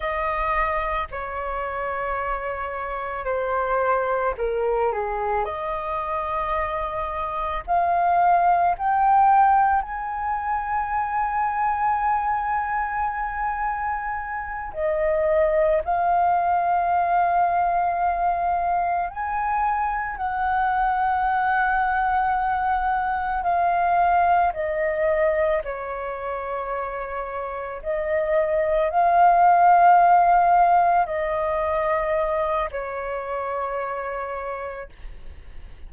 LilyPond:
\new Staff \with { instrumentName = "flute" } { \time 4/4 \tempo 4 = 55 dis''4 cis''2 c''4 | ais'8 gis'8 dis''2 f''4 | g''4 gis''2.~ | gis''4. dis''4 f''4.~ |
f''4. gis''4 fis''4.~ | fis''4. f''4 dis''4 cis''8~ | cis''4. dis''4 f''4.~ | f''8 dis''4. cis''2 | }